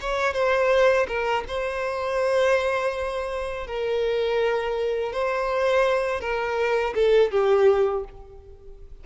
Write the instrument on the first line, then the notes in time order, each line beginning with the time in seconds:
violin
0.00 C#5
0.33 C5
1.07 A#4
1.48 C5
3.67 A#4
5.13 C5
6.20 A#4
6.94 A4
7.31 G4